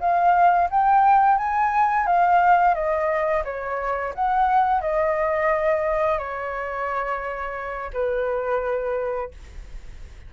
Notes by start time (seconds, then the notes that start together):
0.00 F5
0.70 G5
1.38 G#5
2.07 F5
2.74 D#5
3.45 C#5
4.15 F#5
4.81 D#5
6.18 C#5
7.93 B4